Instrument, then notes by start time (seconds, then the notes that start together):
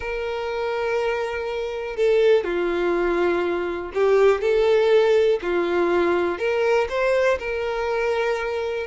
violin
0.00 A#4
1.96 A4
2.43 F4
3.94 G4
4.41 A4
5.42 F4
6.38 A#4
6.89 C5
7.39 A#4